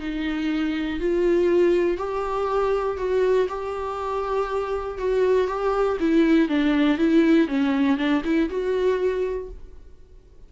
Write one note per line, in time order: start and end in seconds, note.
0.00 1.00 D#4
1.00 1.97 F4
1.97 2.97 G4
2.97 3.47 F#4
3.49 4.98 G4
4.98 5.47 F#4
5.47 5.97 G4
6.00 6.49 E4
6.49 6.98 D4
6.98 7.48 E4
7.48 7.97 C#4
7.97 8.22 D4
8.25 8.50 E4
8.50 9.50 F#4